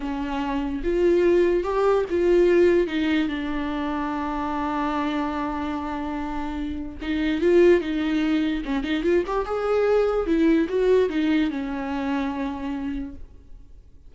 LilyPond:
\new Staff \with { instrumentName = "viola" } { \time 4/4 \tempo 4 = 146 cis'2 f'2 | g'4 f'2 dis'4 | d'1~ | d'1~ |
d'4 dis'4 f'4 dis'4~ | dis'4 cis'8 dis'8 f'8 g'8 gis'4~ | gis'4 e'4 fis'4 dis'4 | cis'1 | }